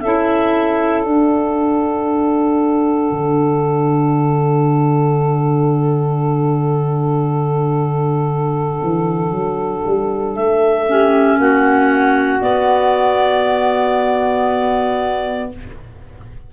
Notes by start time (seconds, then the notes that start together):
0.00 C#4 E4 A4 E5
1.03 D4 F#5
3.11 D3
8.83 E3
9.31 F#3
9.85 G3
10.36 A3 E5
10.88 C#4 G4
11.37 A#3 F#4 F#5
12.41 B3 D5